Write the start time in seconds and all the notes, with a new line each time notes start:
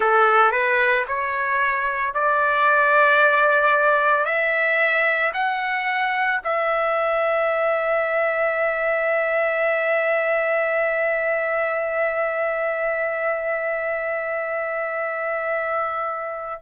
0.00 A4
0.51 B4
1.07 C#5
2.14 D5
4.25 E5
5.33 F#5
6.44 E5